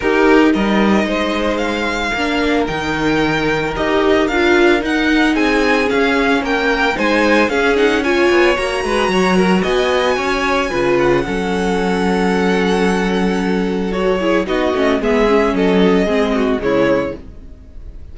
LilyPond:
<<
  \new Staff \with { instrumentName = "violin" } { \time 4/4 \tempo 4 = 112 ais'4 dis''2 f''4~ | f''4 g''2 dis''4 | f''4 fis''4 gis''4 f''4 | g''4 gis''4 f''8 fis''8 gis''4 |
ais''2 gis''2~ | gis''8 fis''2.~ fis''8~ | fis''2 cis''4 dis''4 | e''4 dis''2 cis''4 | }
  \new Staff \with { instrumentName = "violin" } { \time 4/4 g'4 ais'4 c''2 | ais'1~ | ais'2 gis'2 | ais'4 c''4 gis'4 cis''4~ |
cis''8 b'8 cis''8 ais'8 dis''4 cis''4 | b'4 a'2.~ | a'2~ a'8 gis'8 fis'4 | gis'4 a'4 gis'8 fis'8 e'4 | }
  \new Staff \with { instrumentName = "viola" } { \time 4/4 dis'1 | d'4 dis'2 g'4 | f'4 dis'2 cis'4~ | cis'4 dis'4 cis'8 dis'8 f'4 |
fis'1 | f'4 cis'2.~ | cis'2 fis'8 e'8 dis'8 cis'8 | b8 cis'4. c'4 gis4 | }
  \new Staff \with { instrumentName = "cello" } { \time 4/4 dis'4 g4 gis2 | ais4 dis2 dis'4 | d'4 dis'4 c'4 cis'4 | ais4 gis4 cis'4. b8 |
ais8 gis8 fis4 b4 cis'4 | cis4 fis2.~ | fis2. b8 a8 | gis4 fis4 gis4 cis4 | }
>>